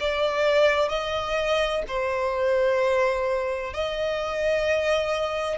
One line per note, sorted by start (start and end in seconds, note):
0.00 0.89 D5
0.89 1.83 D#5
1.87 3.74 C5
3.74 5.58 D#5